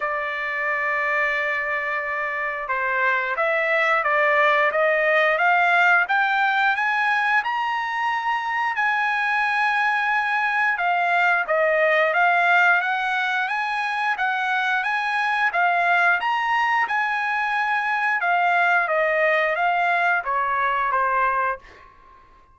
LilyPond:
\new Staff \with { instrumentName = "trumpet" } { \time 4/4 \tempo 4 = 89 d''1 | c''4 e''4 d''4 dis''4 | f''4 g''4 gis''4 ais''4~ | ais''4 gis''2. |
f''4 dis''4 f''4 fis''4 | gis''4 fis''4 gis''4 f''4 | ais''4 gis''2 f''4 | dis''4 f''4 cis''4 c''4 | }